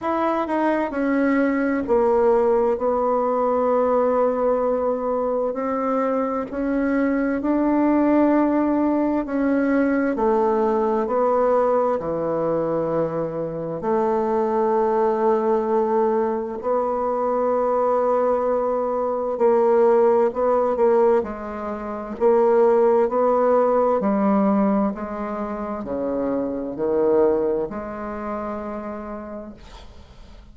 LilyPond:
\new Staff \with { instrumentName = "bassoon" } { \time 4/4 \tempo 4 = 65 e'8 dis'8 cis'4 ais4 b4~ | b2 c'4 cis'4 | d'2 cis'4 a4 | b4 e2 a4~ |
a2 b2~ | b4 ais4 b8 ais8 gis4 | ais4 b4 g4 gis4 | cis4 dis4 gis2 | }